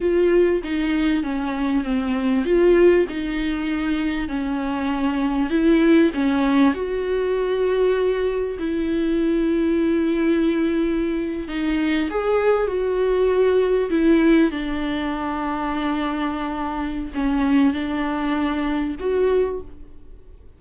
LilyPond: \new Staff \with { instrumentName = "viola" } { \time 4/4 \tempo 4 = 98 f'4 dis'4 cis'4 c'4 | f'4 dis'2 cis'4~ | cis'4 e'4 cis'4 fis'4~ | fis'2 e'2~ |
e'2~ e'8. dis'4 gis'16~ | gis'8. fis'2 e'4 d'16~ | d'1 | cis'4 d'2 fis'4 | }